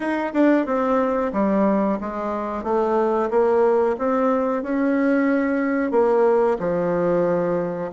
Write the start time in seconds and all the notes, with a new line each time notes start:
0.00 D#4
0.33 D4
0.66 C4
1.32 G3
2.00 G#3
2.63 A3
3.30 A#3
3.98 C4
4.62 C#4
5.91 A#3
6.59 F3